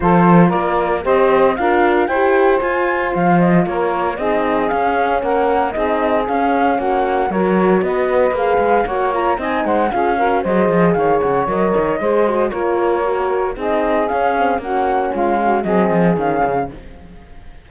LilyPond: <<
  \new Staff \with { instrumentName = "flute" } { \time 4/4 \tempo 4 = 115 c''4 d''4 dis''4 f''4 | g''4 gis''4 f''8 dis''8 cis''4 | dis''4 f''4 fis''4 dis''4 | f''4 fis''4 cis''4 dis''4 |
f''4 fis''8 ais''8 gis''8 fis''8 f''4 | dis''4 f''8 fis''8 dis''2 | cis''2 dis''4 f''4 | fis''4 f''4 dis''4 f''4 | }
  \new Staff \with { instrumentName = "saxophone" } { \time 4/4 a'4 ais'4 c''4 ais'4 | c''2. ais'4 | gis'2 ais'4 gis'4~ | gis'4 fis'4 ais'4 b'4~ |
b'4 cis''4 dis''8 c''8 gis'8 ais'8 | c''4 cis''2 c''4 | ais'2 gis'2 | fis'4 f'8 fis'8 gis'2 | }
  \new Staff \with { instrumentName = "horn" } { \time 4/4 f'2 g'4 f'4 | g'4 f'2. | dis'4 cis'2 dis'4 | cis'2 fis'2 |
gis'4 fis'8 f'8 dis'4 f'8 fis'8 | gis'2 ais'4 gis'8 fis'8 | f'4 fis'4 dis'4 cis'8 c'8 | cis'2 c'4 cis'4 | }
  \new Staff \with { instrumentName = "cello" } { \time 4/4 f4 ais4 c'4 d'4 | e'4 f'4 f4 ais4 | c'4 cis'4 ais4 c'4 | cis'4 ais4 fis4 b4 |
ais8 gis8 ais4 c'8 gis8 cis'4 | fis8 f8 dis8 cis8 fis8 dis8 gis4 | ais2 c'4 cis'4 | ais4 gis4 fis8 f8 dis8 cis8 | }
>>